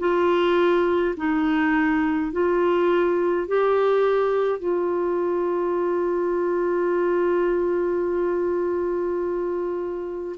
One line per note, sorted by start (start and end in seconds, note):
0.00 1.15 F4
1.17 2.32 D#4
2.32 3.48 F4
3.48 4.59 G4
4.59 10.36 F4